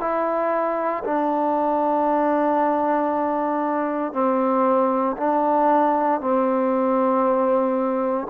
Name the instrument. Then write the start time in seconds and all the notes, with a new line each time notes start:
trombone
0.00 E4
1.04 D4
4.12 C4
5.17 D4
6.20 C4